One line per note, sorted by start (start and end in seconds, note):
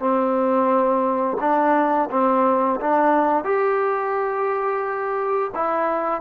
0.00 1.38 C4
1.41 2.10 D4
2.11 2.80 C4
2.81 3.45 D4
3.45 5.51 G4
5.55 6.22 E4